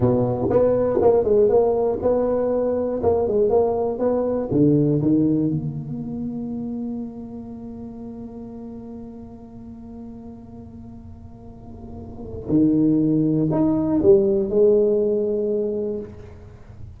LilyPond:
\new Staff \with { instrumentName = "tuba" } { \time 4/4 \tempo 4 = 120 b,4 b4 ais8 gis8 ais4 | b2 ais8 gis8 ais4 | b4 d4 dis4 ais4~ | ais1~ |
ais1~ | ais1~ | ais4 dis2 dis'4 | g4 gis2. | }